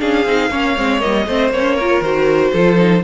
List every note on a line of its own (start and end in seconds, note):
0.00 0.25 C#4
0.00 0.25 D4
0.00 0.51 G#4
0.00 1.00 F5
0.25 0.50 C4
0.25 0.51 D#4
0.51 0.76 A#3
0.51 0.76 C#4
0.51 1.27 C#5
0.76 1.03 G#3
0.76 1.00 C4
1.00 1.26 G3
1.00 1.25 A#3
1.00 1.51 D#5
1.26 1.50 A3
1.26 1.54 C4
1.26 1.76 C5
1.50 2.01 A#3
1.50 1.79 C#4
1.50 2.03 C#5
1.76 2.04 F4
1.76 2.52 A#4
2.01 2.52 D#3
2.01 2.54 F#4
2.01 3.03 C5
2.52 3.03 F3
2.52 2.77 F4
2.52 3.02 A4
2.77 3.02 D#4